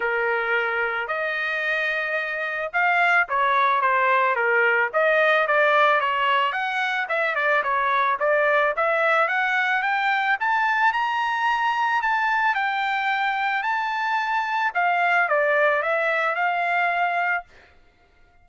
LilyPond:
\new Staff \with { instrumentName = "trumpet" } { \time 4/4 \tempo 4 = 110 ais'2 dis''2~ | dis''4 f''4 cis''4 c''4 | ais'4 dis''4 d''4 cis''4 | fis''4 e''8 d''8 cis''4 d''4 |
e''4 fis''4 g''4 a''4 | ais''2 a''4 g''4~ | g''4 a''2 f''4 | d''4 e''4 f''2 | }